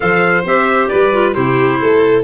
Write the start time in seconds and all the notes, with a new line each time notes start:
0.00 F3 A4 C5 F5
0.44 C4 G4 E5
0.88 G3 B4 D5
1.12 F4
1.34 C3 E4 G4 C5
1.80 A3 A4